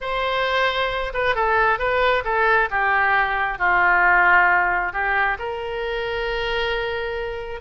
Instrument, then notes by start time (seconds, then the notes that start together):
oboe
0.00 C5
1.13 B4
1.35 A4
1.78 B4
2.24 A4
2.70 G4
3.58 F4
4.93 G4
5.38 A#4